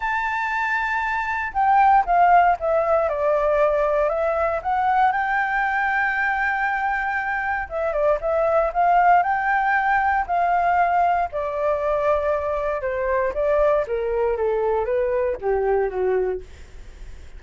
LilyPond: \new Staff \with { instrumentName = "flute" } { \time 4/4 \tempo 4 = 117 a''2. g''4 | f''4 e''4 d''2 | e''4 fis''4 g''2~ | g''2. e''8 d''8 |
e''4 f''4 g''2 | f''2 d''2~ | d''4 c''4 d''4 ais'4 | a'4 b'4 g'4 fis'4 | }